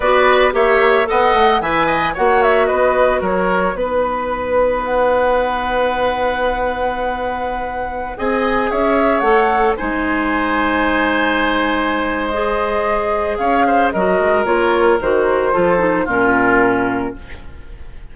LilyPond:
<<
  \new Staff \with { instrumentName = "flute" } { \time 4/4 \tempo 4 = 112 d''4 e''4 fis''4 gis''4 | fis''8 e''8 dis''4 cis''4 b'4~ | b'4 fis''2.~ | fis''2.~ fis''16 gis''8.~ |
gis''16 e''4 fis''4 gis''4.~ gis''16~ | gis''2. dis''4~ | dis''4 f''4 dis''4 cis''4 | c''2 ais'2 | }
  \new Staff \with { instrumentName = "oboe" } { \time 4/4 b'4 cis''4 dis''4 e''8 dis''8 | cis''4 b'4 ais'4 b'4~ | b'1~ | b'2.~ b'16 dis''8.~ |
dis''16 cis''2 c''4.~ c''16~ | c''1~ | c''4 cis''8 c''8 ais'2~ | ais'4 a'4 f'2 | }
  \new Staff \with { instrumentName = "clarinet" } { \time 4/4 fis'4 g'4 a'4 b'4 | fis'2. dis'4~ | dis'1~ | dis'2.~ dis'16 gis'8.~ |
gis'4~ gis'16 a'4 dis'4.~ dis'16~ | dis'2. gis'4~ | gis'2 fis'4 f'4 | fis'4 f'8 dis'8 cis'2 | }
  \new Staff \with { instrumentName = "bassoon" } { \time 4/4 b4 ais4 b8 a8 e4 | ais4 b4 fis4 b4~ | b1~ | b2.~ b16 c'8.~ |
c'16 cis'4 a4 gis4.~ gis16~ | gis1~ | gis4 cis'4 fis8 gis8 ais4 | dis4 f4 ais,2 | }
>>